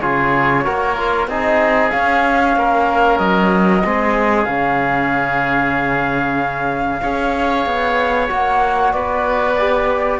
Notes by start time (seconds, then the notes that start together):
0.00 C#3 F4 G#4 C#5
0.64 A#3 F#4 A#4
0.97 F4
1.27 C4 D#4 G#4 D#5
1.90 C#4 F5
2.56 A#3 A#4
3.18 F#3 D#5
3.84 G#3 C4 G#4
4.45 C#3 C#4 F5
7.02 C#4 G#4 C#5
7.66 B3
8.29 A#3 F#4 F#5
8.92 B3 B4 D5
9.58 G4